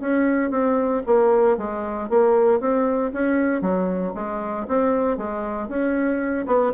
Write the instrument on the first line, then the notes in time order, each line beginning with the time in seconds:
bassoon
0.00 C#4
0.50 C4
1.06 A#3
1.57 G#3
2.09 A#3
2.60 C4
3.12 C#4
3.61 F#3
4.14 G#3
4.68 C4
5.17 G#3
5.68 C#4
6.46 B3